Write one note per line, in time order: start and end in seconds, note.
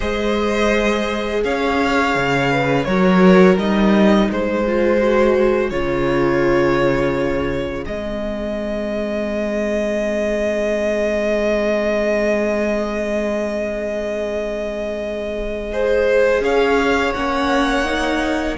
0.00 1.43 G#3
0.00 2.85 G#4
0.00 1.41 C5
0.00 1.43 D#5
1.44 2.15 C#4
1.44 2.51 C#5
1.44 2.84 F5
2.15 2.86 C#3
2.51 2.86 B4
2.84 3.57 F#3
2.84 3.58 F#4
2.84 4.28 A#4
2.84 3.55 C#5
3.57 4.28 G3
3.57 4.65 D#4
3.57 4.30 D#5
4.28 5.71 G#3
4.28 15.70 G#4
4.28 5.70 C5
4.66 5.00 F4
5.00 5.71 F#4
5.70 7.85 C#3
5.70 7.85 F4
5.70 7.84 C#5
7.85 16.40 G#3
7.85 15.71 C4
7.85 16.43 D#5
15.72 17.15 G#4
15.72 16.43 C5
16.40 17.11 C#4
16.40 18.57 C#5
16.40 17.13 F5
17.13 18.57 A#3
17.13 17.85 C#4
17.13 18.56 F#5
17.85 18.56 D#4